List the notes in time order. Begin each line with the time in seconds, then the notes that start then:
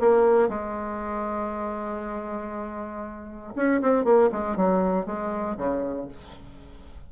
0.00 A#3
0.48 G#3
3.55 C#4
3.82 C4
4.04 A#3
4.32 G#3
4.56 F#3
5.06 G#3
5.57 C#3